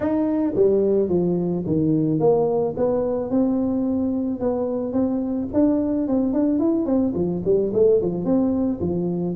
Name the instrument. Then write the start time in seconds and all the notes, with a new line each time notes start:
tuba
0.00 D#4
0.55 G3
1.09 F3
1.66 D#3
2.19 A#3
2.76 B3
3.30 C4
4.40 B3
4.93 C4
5.53 D4
6.07 C4
6.33 D4
6.59 E4
6.85 C4
7.14 F3
7.45 G3
7.73 A3
8.01 F3
8.24 C4
8.80 F3